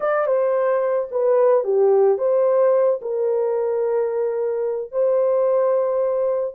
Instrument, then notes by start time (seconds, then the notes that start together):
horn
0.00 D5
0.26 C5
1.11 B4
1.64 G4
2.18 C5
3.01 A#4
4.91 C5